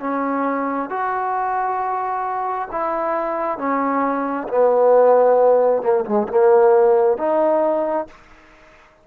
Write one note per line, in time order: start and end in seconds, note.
0.00 0.90 C#4
0.90 2.69 F#4
2.71 3.58 E4
3.58 4.48 C#4
4.48 5.82 B3
5.82 6.04 A#3
6.05 6.28 G#3
6.28 7.17 A#3
7.18 8.07 D#4